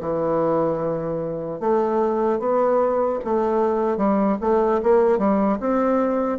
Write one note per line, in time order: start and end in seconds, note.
0.00 1.60 E3
1.60 2.39 A3
2.39 3.19 B3
3.24 3.97 A3
3.97 4.37 G3
4.40 4.80 A3
4.82 5.18 A#3
5.18 5.58 G3
5.60 6.38 C4